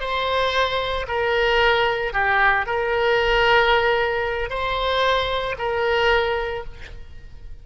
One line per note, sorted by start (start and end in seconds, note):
0.00 1.06 C5
1.08 2.13 A#4
2.13 2.66 G4
2.66 4.50 A#4
4.50 5.56 C5
5.58 6.64 A#4